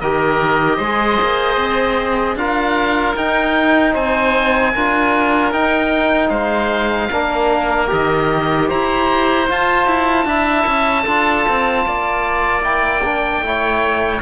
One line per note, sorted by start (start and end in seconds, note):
0.00 0.78 D#3
0.00 0.82 G4
0.00 0.77 A#4
0.00 2.37 D#5
0.77 1.18 G#3
0.77 2.35 C5
0.83 2.38 G#4
1.22 1.56 A#3
1.56 2.35 C4
2.35 3.14 D4
2.35 3.17 F4
2.35 3.93 A#4
2.35 3.16 F5
3.16 3.95 D#4
3.16 4.75 D#4
3.16 3.95 G5
3.93 4.74 C4
3.93 4.72 C5
3.93 5.52 G#5
4.75 5.52 D4
4.75 5.52 F4
4.75 6.30 A#4
5.52 7.10 D#4
5.52 6.30 D#4
5.52 6.29 G5
6.29 7.09 G#3
6.29 7.09 C5
6.29 7.87 F5
7.10 7.90 A#3
7.10 7.87 D4
7.10 8.67 A#4
7.87 8.71 D#3
7.87 9.45 G4
7.87 8.70 D#5
8.67 9.50 E4
8.67 10.25 C5
8.67 9.49 A#5
9.48 10.26 F4
9.48 9.86 F4
9.48 12.64 A5
9.86 10.25 E4
10.25 10.64 D4
10.25 11.05 E4
10.25 11.02 E5
10.66 11.06 C#4
11.02 11.46 D4
11.02 12.61 F4
11.02 11.81 A4
11.48 11.86 C4
11.86 13.41 A#3
11.86 13.44 D5
12.61 13.01 E4
12.61 14.21 G5
13.04 13.43 D4
13.41 14.20 A3
13.41 14.21 E4
13.41 14.21 C#5